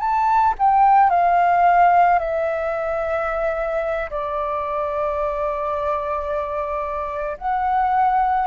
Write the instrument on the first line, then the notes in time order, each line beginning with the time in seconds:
flute
0.00 A5
0.59 G5
1.10 F5
2.19 E5
4.10 D5
7.38 F#5